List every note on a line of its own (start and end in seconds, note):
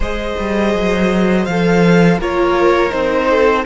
0.00 0.33 G#3
0.00 1.49 G#4
0.00 2.18 C5
0.00 1.45 D#5
0.39 0.74 G3
0.74 1.47 F#3
1.45 2.18 F3
1.45 2.19 A4
1.45 2.18 F5
2.18 2.91 A#3
2.18 2.89 F4
2.18 3.28 A#4
2.18 2.91 C#5
2.89 3.65 C4
2.89 3.63 D#4
2.89 3.64 C5
3.30 3.65 A4